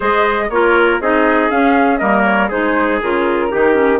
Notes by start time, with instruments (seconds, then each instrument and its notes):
0.00 bassoon G#3, clarinet G#4, trumpet C5, flute D#5
0.49 bassoon A#3, clarinet F4, trumpet A#4, flute C#5
1.00 bassoon C4, clarinet D#4, trumpet G#4, flute D#5
1.50 clarinet C#4, bassoon C#4, flute F5
1.97 bassoon G3, clarinet A#3, trumpet A#4, flute D#5
2.24 flute C#5
2.49 bassoon G#3, clarinet D#4, trumpet G#4, flute C5
3.01 bassoon C#3, clarinet F4, flute A#4
3.51 bassoon D#3, clarinet D#4, trumpet G4
3.73 clarinet C#4